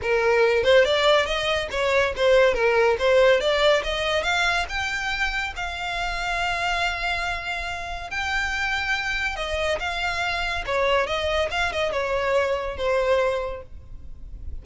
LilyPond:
\new Staff \with { instrumentName = "violin" } { \time 4/4 \tempo 4 = 141 ais'4. c''8 d''4 dis''4 | cis''4 c''4 ais'4 c''4 | d''4 dis''4 f''4 g''4~ | g''4 f''2.~ |
f''2. g''4~ | g''2 dis''4 f''4~ | f''4 cis''4 dis''4 f''8 dis''8 | cis''2 c''2 | }